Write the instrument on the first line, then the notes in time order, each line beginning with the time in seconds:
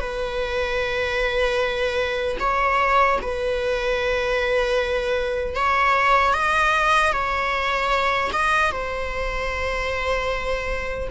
viola
0.00 B4
2.40 C#5
3.22 B4
5.56 C#5
6.34 D#5
7.13 C#5
8.33 D#5
8.72 C5